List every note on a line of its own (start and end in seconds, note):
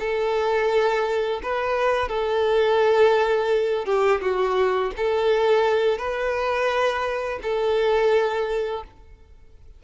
0.00 1.41 A4
1.43 2.09 B4
2.09 3.86 A4
3.86 4.21 G4
4.22 4.92 F#4
4.97 5.98 A4
5.98 7.40 B4
7.43 8.84 A4